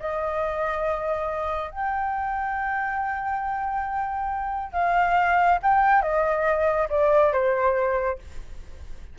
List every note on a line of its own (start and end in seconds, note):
0.00 1.71 D#5
1.71 4.73 G5
4.73 5.59 F5
5.63 6.02 G5
6.02 6.88 D#5
6.90 7.32 D5
7.32 8.19 C5